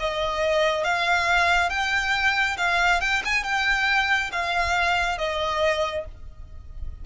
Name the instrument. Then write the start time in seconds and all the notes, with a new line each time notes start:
violin
0.00 D#5
0.85 F5
1.70 G5
2.58 F5
3.01 G5
3.25 G#5
3.44 G5
4.32 F5
5.19 D#5